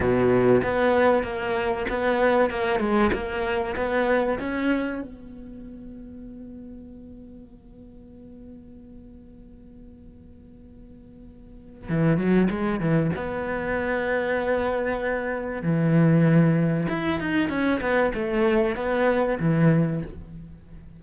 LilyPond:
\new Staff \with { instrumentName = "cello" } { \time 4/4 \tempo 4 = 96 b,4 b4 ais4 b4 | ais8 gis8 ais4 b4 cis'4 | b1~ | b1~ |
b2. e8 fis8 | gis8 e8 b2.~ | b4 e2 e'8 dis'8 | cis'8 b8 a4 b4 e4 | }